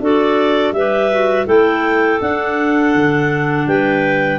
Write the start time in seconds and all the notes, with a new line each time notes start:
0.00 D4 F#4 A4 D5
0.72 G3 G4 B4 E5
1.11 F#4
1.46 A3 E4 A4 G5
2.20 D4 F#5
2.95 D3
3.66 G3 B4 G5